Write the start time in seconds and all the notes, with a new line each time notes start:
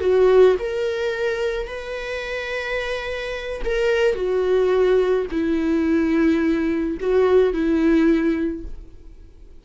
0.00 F#4
0.59 A#4
1.67 B4
3.65 A#4
4.15 F#4
5.31 E4
7.00 F#4
7.53 E4